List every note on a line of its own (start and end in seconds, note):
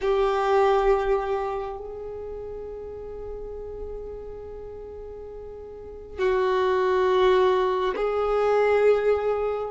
0.01 1.77 G4
1.77 6.18 G#4
6.18 7.94 F#4
7.95 9.70 G#4